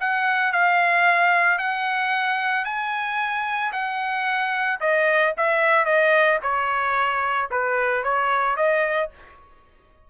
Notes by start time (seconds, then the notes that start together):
0.00 F#5
0.52 F5
1.59 F#5
2.65 G#5
3.72 F#5
4.80 D#5
5.37 E5
5.85 D#5
6.42 C#5
7.51 B4
8.04 C#5
8.57 D#5